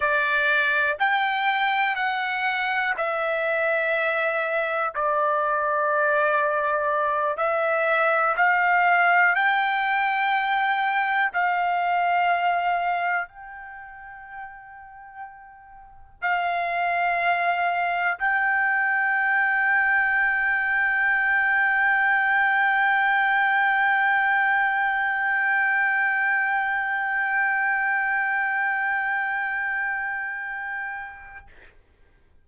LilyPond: \new Staff \with { instrumentName = "trumpet" } { \time 4/4 \tempo 4 = 61 d''4 g''4 fis''4 e''4~ | e''4 d''2~ d''8 e''8~ | e''8 f''4 g''2 f''8~ | f''4. g''2~ g''8~ |
g''8 f''2 g''4.~ | g''1~ | g''1~ | g''1 | }